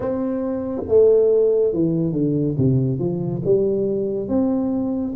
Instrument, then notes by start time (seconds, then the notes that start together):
tuba
0.00 C4
0.88 A3
1.73 E3
2.12 D3
2.57 C3
2.99 F3
3.44 G3
4.28 C4